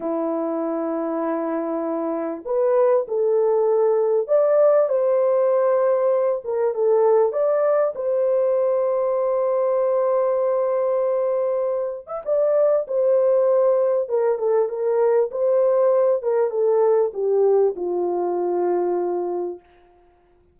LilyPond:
\new Staff \with { instrumentName = "horn" } { \time 4/4 \tempo 4 = 98 e'1 | b'4 a'2 d''4 | c''2~ c''8 ais'8 a'4 | d''4 c''2.~ |
c''2.~ c''8. e''16 | d''4 c''2 ais'8 a'8 | ais'4 c''4. ais'8 a'4 | g'4 f'2. | }